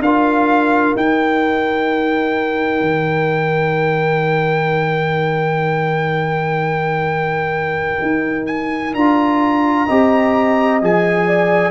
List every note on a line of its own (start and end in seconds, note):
0.00 0.94 D4
0.00 0.97 F4
0.00 9.86 A#4
0.00 0.96 F5
0.96 2.81 D#4
0.96 8.94 D#4
0.96 8.46 G5
2.81 7.97 D#3
8.01 8.94 D#4
8.46 8.93 G#5
8.94 9.88 D4
8.94 9.88 F4
8.94 10.81 A#5
9.86 10.82 C4
9.86 10.81 G4
9.86 11.26 D#5
10.81 11.71 F3
10.81 11.71 G#4
10.81 11.71 G#5
11.27 11.71 D5